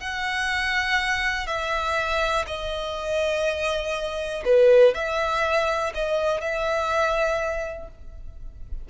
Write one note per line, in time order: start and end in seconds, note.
0.00 1.47 F#5
1.47 2.45 E5
2.47 4.43 D#5
4.45 4.94 B4
4.94 5.93 E5
5.94 6.41 D#5
6.41 7.88 E5